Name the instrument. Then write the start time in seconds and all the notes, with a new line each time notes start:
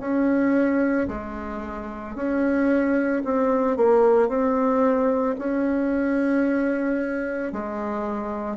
bassoon
0.00 C#4
1.08 G#3
2.15 C#4
3.24 C4
3.76 A#3
4.28 C4
5.38 C#4
7.52 G#3